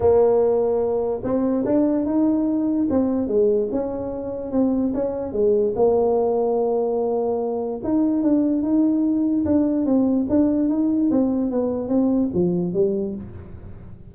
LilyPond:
\new Staff \with { instrumentName = "tuba" } { \time 4/4 \tempo 4 = 146 ais2. c'4 | d'4 dis'2 c'4 | gis4 cis'2 c'4 | cis'4 gis4 ais2~ |
ais2. dis'4 | d'4 dis'2 d'4 | c'4 d'4 dis'4 c'4 | b4 c'4 f4 g4 | }